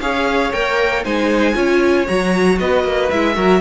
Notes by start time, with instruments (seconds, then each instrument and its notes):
0.00 cello C#4, viola G#4, violin C#5 F5
0.52 cello A#3, viola A#4, violin G5
1.04 cello G#3, viola D#4, violin C5 G#5
1.54 cello C#4, viola F4, violin C#5
2.07 cello F#3, viola F#4, violin A#5
2.59 cello B3, violin B4 D#5
2.83 cello A#3
3.10 cello G#3, viola E4, violin E5
3.34 cello F#3, viola F#4, violin A#4